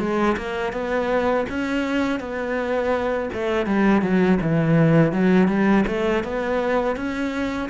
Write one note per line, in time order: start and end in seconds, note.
0.00 0.37 G#3
0.37 0.73 A#3
0.73 1.46 B3
1.50 2.20 C#4
2.20 3.30 B3
3.34 3.67 A3
3.67 4.02 G3
4.02 4.39 F#3
4.42 5.13 E3
5.13 5.48 F#3
5.48 5.85 G3
5.87 6.24 A3
6.24 6.96 B3
6.96 7.69 C#4